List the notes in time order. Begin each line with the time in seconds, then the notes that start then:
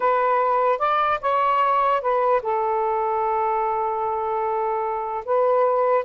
0.00 B4
0.78 D5
1.21 C#5
2.01 B4
2.42 A4
5.25 B4